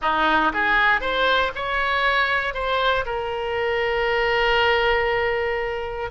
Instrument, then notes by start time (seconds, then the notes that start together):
oboe
0.01 D#4
0.53 G#4
1.00 C5
1.55 C#5
2.54 C5
3.05 A#4